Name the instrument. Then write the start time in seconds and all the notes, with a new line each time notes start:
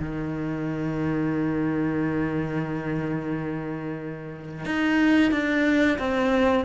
cello
0.00 D#3
4.65 D#4
5.32 D4
5.99 C4